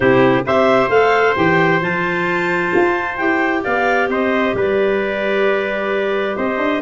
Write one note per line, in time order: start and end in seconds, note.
0.00 0.42 C3
0.00 0.44 E4
0.00 0.45 G4
0.00 0.44 C5
0.45 0.88 C4
0.45 0.90 G4
0.45 3.63 C5
0.45 0.89 E5
0.88 1.34 A3
0.88 1.36 A4
0.88 1.35 F5
1.36 1.80 E3
1.36 1.82 G4
1.36 1.81 G5
1.80 2.71 F3
1.80 3.18 F4
1.80 3.17 A5
2.75 3.19 F4
3.17 3.65 E4
3.17 6.82 G4
3.17 3.62 G5
3.63 4.08 B3
3.63 4.09 D5
3.63 4.09 F5
4.08 4.53 C4
4.08 4.56 C5
4.08 4.56 D#5
4.53 6.35 G3
4.53 6.36 B4
4.53 6.36 D5
6.36 6.57 C4
6.36 6.82 C5
6.36 6.82 D#5
6.57 6.80 D4